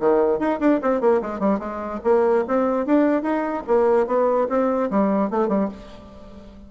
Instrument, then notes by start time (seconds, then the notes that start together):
bassoon
0.00 D#3
0.39 D#4
0.60 D4
0.82 C4
1.01 A#3
1.22 G#3
1.40 G3
1.59 G#3
2.04 A#3
2.48 C4
2.86 D4
3.22 D#4
3.67 A#3
4.07 B3
4.49 C4
4.91 G3
5.30 A3
5.48 G3